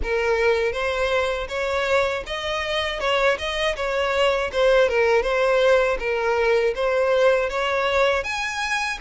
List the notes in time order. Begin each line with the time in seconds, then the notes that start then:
0.02 A#4
0.72 C5
1.48 C#5
2.26 D#5
3.00 C#5
3.38 D#5
3.75 C#5
4.52 C5
4.89 A#4
5.22 C5
5.99 A#4
6.75 C5
7.49 C#5
8.23 G#5